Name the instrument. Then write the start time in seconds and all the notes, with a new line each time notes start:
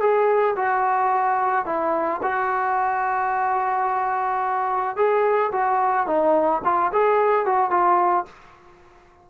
trombone
0.00 G#4
0.56 F#4
1.65 E4
2.22 F#4
4.96 G#4
5.52 F#4
6.06 D#4
6.64 F4
6.92 G#4
7.45 F#4
7.70 F4